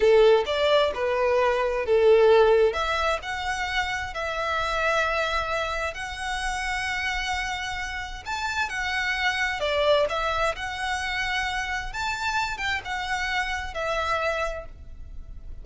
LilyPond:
\new Staff \with { instrumentName = "violin" } { \time 4/4 \tempo 4 = 131 a'4 d''4 b'2 | a'2 e''4 fis''4~ | fis''4 e''2.~ | e''4 fis''2.~ |
fis''2 a''4 fis''4~ | fis''4 d''4 e''4 fis''4~ | fis''2 a''4. g''8 | fis''2 e''2 | }